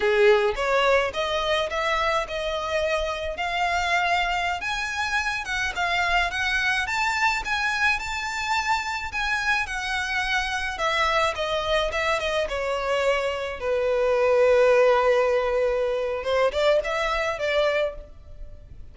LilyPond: \new Staff \with { instrumentName = "violin" } { \time 4/4 \tempo 4 = 107 gis'4 cis''4 dis''4 e''4 | dis''2 f''2~ | f''16 gis''4. fis''8 f''4 fis''8.~ | fis''16 a''4 gis''4 a''4.~ a''16~ |
a''16 gis''4 fis''2 e''8.~ | e''16 dis''4 e''8 dis''8 cis''4.~ cis''16~ | cis''16 b'2.~ b'8.~ | b'4 c''8 d''8 e''4 d''4 | }